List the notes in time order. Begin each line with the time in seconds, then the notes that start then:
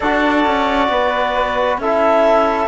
0.00 D4 F#4 A4 D5
0.46 C#4
0.88 B3 B4
1.77 C#4 E4 A4 E5